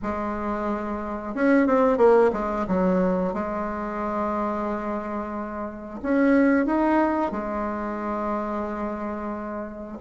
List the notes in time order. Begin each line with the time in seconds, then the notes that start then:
0.02 G#3
1.34 C#4
1.67 C4
1.97 A#3
2.32 G#3
2.67 F#3
3.33 G#3
6.02 C#4
6.65 D#4
7.31 G#3